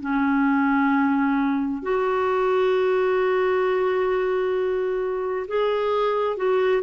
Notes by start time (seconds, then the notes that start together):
0.00 C#4
1.82 F#4
5.47 G#4
6.36 F#4